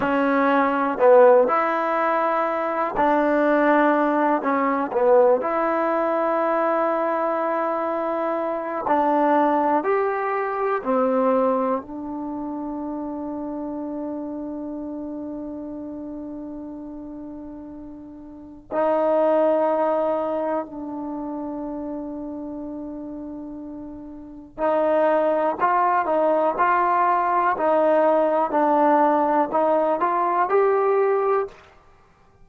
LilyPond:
\new Staff \with { instrumentName = "trombone" } { \time 4/4 \tempo 4 = 61 cis'4 b8 e'4. d'4~ | d'8 cis'8 b8 e'2~ e'8~ | e'4 d'4 g'4 c'4 | d'1~ |
d'2. dis'4~ | dis'4 d'2.~ | d'4 dis'4 f'8 dis'8 f'4 | dis'4 d'4 dis'8 f'8 g'4 | }